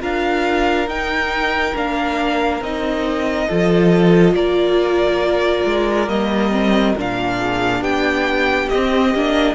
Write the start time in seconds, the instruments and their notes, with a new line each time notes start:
0.00 cello D4, viola F4, violin A#4 F5
0.87 cello D#4, viola D#4, violin G5
1.75 cello A#3, viola D4, violin F5
2.61 cello C4, viola D#4, violin D#5
3.47 cello F3, viola F4, violin A4
4.33 cello A#3, violin A#4 D5
5.64 cello G#3
6.07 cello G3, viola A#3, violin D#5
6.51 viola C4
6.96 cello A#2, viola D4, violin F5
7.37 violin G#4
7.81 cello B3, violin G4 G5
8.69 cello C4, violin D#5
8.75 viola C4
9.14 cello A#3, viola D4